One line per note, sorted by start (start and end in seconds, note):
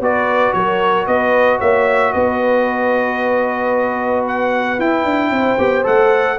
0.00 0.53 B3
0.00 4.80 F#4
0.00 0.55 B4
0.00 0.53 D5
0.53 1.07 F#3
0.53 1.07 A#4
0.53 1.06 C#5
1.07 1.60 B3
1.07 1.59 B4
1.07 1.60 D#5
1.59 2.14 A#3
1.59 2.12 C#5
1.59 2.13 E5
2.13 4.79 B3
2.13 5.31 B4
2.13 4.26 D#5
4.28 4.80 F#5
4.79 5.05 E4
4.79 5.59 E4
4.79 5.86 G5
5.05 5.30 D4
5.30 5.57 C4
5.30 6.37 C5
5.59 5.85 B3
5.59 5.84 G4
5.84 6.39 A3
5.84 6.37 A4
5.84 6.39 F#5